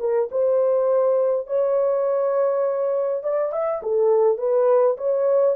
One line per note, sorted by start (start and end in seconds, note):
0.00 0.29 A#4
0.31 1.47 C5
1.47 3.24 C#5
3.24 3.52 D5
3.52 3.82 E5
3.83 4.38 A4
4.38 4.97 B4
4.97 5.56 C#5